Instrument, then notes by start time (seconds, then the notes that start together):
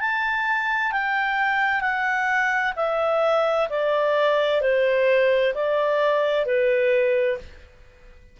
clarinet
0.00 A5
0.92 G5
1.81 F#5
2.76 E5
3.70 D5
4.62 C5
5.54 D5
6.46 B4